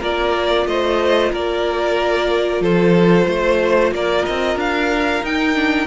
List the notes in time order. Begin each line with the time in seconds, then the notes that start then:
0.00 A#3 F4 A#4 D5
0.67 A3 C5 D#5
1.32 A#3 A#4 D5
2.61 F3 A4 C5
3.28 A3 C5
3.92 A#3 A#4 D5
4.26 C4 D#5
4.56 D4 F5
5.23 D#4 G5
5.55 D4